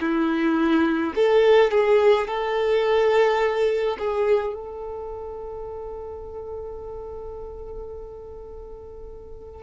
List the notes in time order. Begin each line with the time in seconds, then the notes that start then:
0.00 E4
1.15 A4
1.71 G#4
2.27 A4
3.98 G#4
4.54 A4